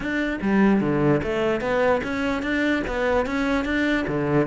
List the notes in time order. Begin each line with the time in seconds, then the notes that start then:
0.00 D4
0.41 G3
0.80 D3
1.23 A3
1.60 B3
2.03 C#4
2.42 D4
2.87 B3
3.26 C#4
3.64 D4
4.07 D3